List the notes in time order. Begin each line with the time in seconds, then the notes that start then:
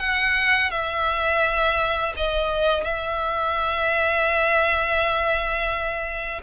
0.00 F#5
0.71 E5
2.17 D#5
2.84 E5